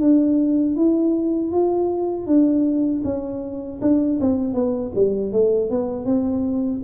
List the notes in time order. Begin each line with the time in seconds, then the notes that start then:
0.00 D4
0.76 E4
1.51 F4
2.26 D4
3.04 C#4
3.81 D4
4.20 C4
4.53 B3
4.95 G3
5.32 A3
5.70 B3
6.05 C4